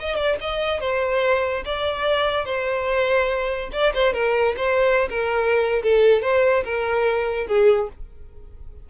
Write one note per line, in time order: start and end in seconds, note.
0.00 0.16 D#5
0.16 0.37 D5
0.41 0.81 D#5
0.81 1.64 C5
1.66 2.45 D5
2.45 3.70 C5
3.73 3.93 D5
3.94 4.14 C5
4.14 4.55 A#4
4.57 5.09 C5
5.10 5.83 A#4
5.83 6.22 A4
6.22 6.64 C5
6.65 7.47 A#4
7.47 7.89 G#4